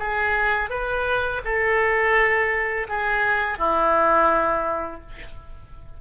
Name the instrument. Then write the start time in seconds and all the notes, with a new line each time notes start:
oboe
0.00 G#4
0.70 B4
1.45 A4
2.89 G#4
3.59 E4